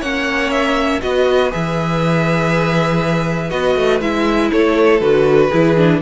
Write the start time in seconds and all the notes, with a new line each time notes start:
0.00 A#3 C#4 C#5 F#5
0.51 E5
1.01 B3 F#4 B4 D#5
1.51 E3 G#4 E5
3.50 B3 F#4 D#5
3.76 A3
4.01 G#3 E4 E5
4.50 A3 A4 C#5
5.00 D3 F#4 B4
5.50 E3 E4 G#4
5.77 D4